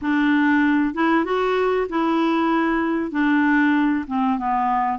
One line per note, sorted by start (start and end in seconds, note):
0.01 0.94 D4
0.94 1.24 E4
1.24 1.87 F#4
1.89 3.11 E4
3.11 4.05 D4
4.07 4.38 C4
4.38 4.98 B3